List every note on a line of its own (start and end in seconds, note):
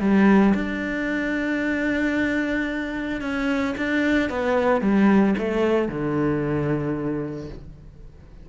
0.00 0.54 G3
0.54 3.21 D4
3.21 3.75 C#4
3.77 4.29 D4
4.29 4.81 B3
4.81 5.34 G3
5.38 5.88 A3
5.88 7.49 D3